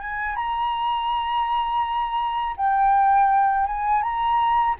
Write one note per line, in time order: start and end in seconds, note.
0.00 0.36 G#5
0.36 2.55 A#5
2.57 3.67 G5
3.67 4.02 G#5
4.02 4.76 A#5